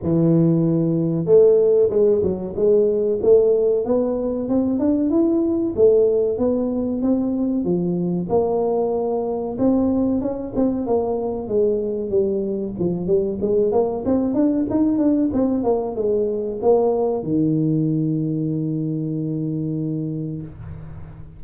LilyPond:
\new Staff \with { instrumentName = "tuba" } { \time 4/4 \tempo 4 = 94 e2 a4 gis8 fis8 | gis4 a4 b4 c'8 d'8 | e'4 a4 b4 c'4 | f4 ais2 c'4 |
cis'8 c'8 ais4 gis4 g4 | f8 g8 gis8 ais8 c'8 d'8 dis'8 d'8 | c'8 ais8 gis4 ais4 dis4~ | dis1 | }